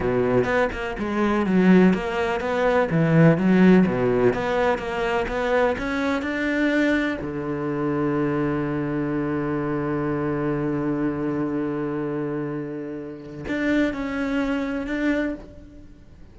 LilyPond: \new Staff \with { instrumentName = "cello" } { \time 4/4 \tempo 4 = 125 b,4 b8 ais8 gis4 fis4 | ais4 b4 e4 fis4 | b,4 b4 ais4 b4 | cis'4 d'2 d4~ |
d1~ | d1~ | d1 | d'4 cis'2 d'4 | }